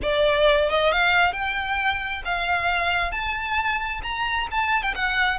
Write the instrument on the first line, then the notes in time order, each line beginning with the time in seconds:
violin
0.02 D5
0.69 D#5
0.92 F5
1.32 G5
2.24 F5
3.11 A5
4.03 A#5
4.51 A5
4.82 G5
4.95 F#5